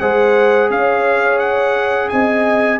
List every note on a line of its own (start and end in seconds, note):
0.00 0.70 G#3
0.00 2.80 G#4
0.00 0.70 C5
0.00 0.70 F#5
0.70 2.10 C#4
0.70 2.12 C#5
0.70 1.39 F5
1.39 2.09 F#5
2.09 2.80 C4
2.09 2.80 D#5
2.09 2.79 G#5